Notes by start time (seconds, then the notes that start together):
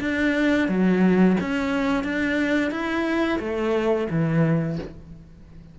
0.00 D4
0.68 F#3
1.40 C#4
2.03 D4
2.71 E4
3.39 A3
4.10 E3